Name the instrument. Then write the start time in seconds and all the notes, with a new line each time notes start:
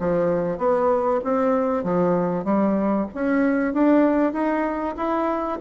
bassoon
0.00 F3
0.59 B3
1.24 C4
1.84 F3
2.45 G3
3.15 C#4
3.74 D4
4.33 D#4
4.97 E4